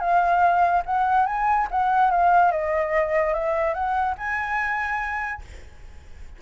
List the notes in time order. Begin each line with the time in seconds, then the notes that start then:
0.00 F5
0.86 F#5
1.26 G#5
1.71 F#5
2.11 F5
2.52 D#5
3.34 E5
3.74 F#5
4.18 G#5